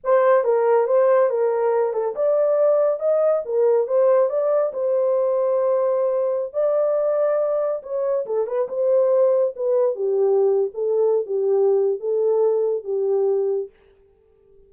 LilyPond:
\new Staff \with { instrumentName = "horn" } { \time 4/4 \tempo 4 = 140 c''4 ais'4 c''4 ais'4~ | ais'8 a'8 d''2 dis''4 | ais'4 c''4 d''4 c''4~ | c''2.~ c''16 d''8.~ |
d''2~ d''16 cis''4 a'8 b'16~ | b'16 c''2 b'4 g'8.~ | g'4 a'4~ a'16 g'4.~ g'16 | a'2 g'2 | }